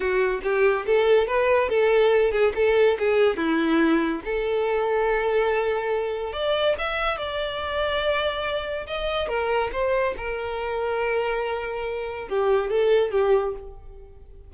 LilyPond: \new Staff \with { instrumentName = "violin" } { \time 4/4 \tempo 4 = 142 fis'4 g'4 a'4 b'4 | a'4. gis'8 a'4 gis'4 | e'2 a'2~ | a'2. d''4 |
e''4 d''2.~ | d''4 dis''4 ais'4 c''4 | ais'1~ | ais'4 g'4 a'4 g'4 | }